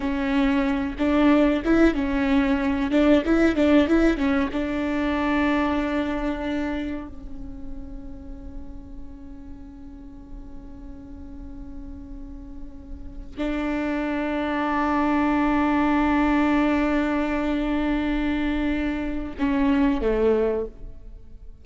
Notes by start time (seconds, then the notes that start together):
0.00 C#4
0.98 D4
1.64 E4
1.94 C#4
2.90 D4
3.25 E4
3.55 D4
3.87 E4
4.17 C#4
4.52 D4
7.08 C#4
13.37 D4
19.39 C#4
20.01 A3